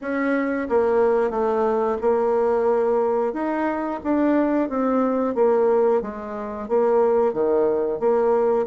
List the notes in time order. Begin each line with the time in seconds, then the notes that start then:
0.01 C#4
0.69 A#3
1.30 A3
2.01 A#3
3.33 D#4
4.03 D4
4.69 C4
5.35 A#3
6.02 G#3
6.68 A#3
7.33 D#3
7.99 A#3